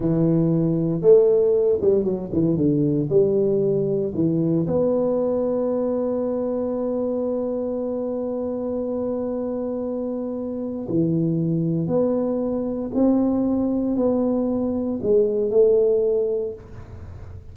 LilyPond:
\new Staff \with { instrumentName = "tuba" } { \time 4/4 \tempo 4 = 116 e2 a4. g8 | fis8 e8 d4 g2 | e4 b2.~ | b1~ |
b1~ | b4 e2 b4~ | b4 c'2 b4~ | b4 gis4 a2 | }